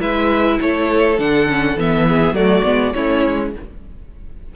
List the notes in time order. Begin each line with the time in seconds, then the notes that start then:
0.00 G#3 E4 B4 E5
0.61 A3 A4 C#5
1.19 D3 D4 F#5
1.49 C#4
1.77 E3 B3 E5
2.08 G#4
2.33 F#3 A3 F#4 D5
2.64 G#3 B3
2.94 A3 C#4 E4 C#5
3.27 G#3